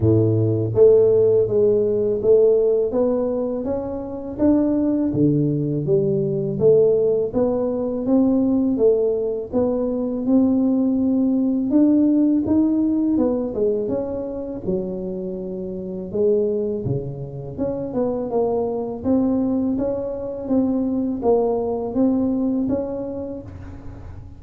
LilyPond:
\new Staff \with { instrumentName = "tuba" } { \time 4/4 \tempo 4 = 82 a,4 a4 gis4 a4 | b4 cis'4 d'4 d4 | g4 a4 b4 c'4 | a4 b4 c'2 |
d'4 dis'4 b8 gis8 cis'4 | fis2 gis4 cis4 | cis'8 b8 ais4 c'4 cis'4 | c'4 ais4 c'4 cis'4 | }